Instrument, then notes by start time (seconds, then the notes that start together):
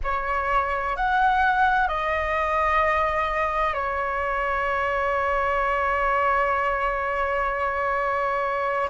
flute
0.03 C#5
0.96 F#5
1.87 D#5
3.73 C#5